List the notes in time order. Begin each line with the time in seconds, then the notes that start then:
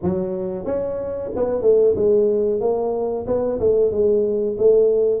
0.02 F#3
0.65 C#4
1.35 B3
1.61 A3
1.95 G#3
2.60 A#3
3.26 B3
3.59 A3
3.91 G#3
4.58 A3